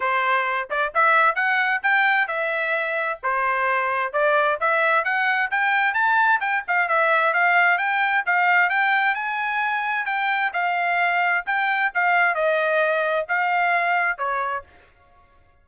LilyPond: \new Staff \with { instrumentName = "trumpet" } { \time 4/4 \tempo 4 = 131 c''4. d''8 e''4 fis''4 | g''4 e''2 c''4~ | c''4 d''4 e''4 fis''4 | g''4 a''4 g''8 f''8 e''4 |
f''4 g''4 f''4 g''4 | gis''2 g''4 f''4~ | f''4 g''4 f''4 dis''4~ | dis''4 f''2 cis''4 | }